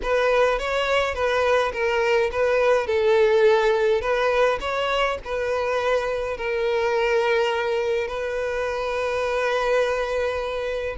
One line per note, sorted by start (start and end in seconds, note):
0.02 0.58 B4
0.58 1.14 C#5
1.14 1.72 B4
1.73 2.30 A#4
2.31 2.86 B4
2.86 4.01 A4
4.01 4.59 B4
4.60 5.18 C#5
5.24 6.37 B4
6.37 8.07 A#4
8.07 10.96 B4